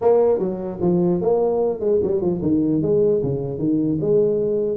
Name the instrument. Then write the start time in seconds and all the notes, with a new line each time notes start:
tuba
0.01 A#3
0.38 F#3
0.81 F3
1.21 A#3
1.79 G#3
2.02 G3
2.21 F3
2.41 D#3
2.82 G#3
3.22 C#3
3.58 D#3
4.00 G#3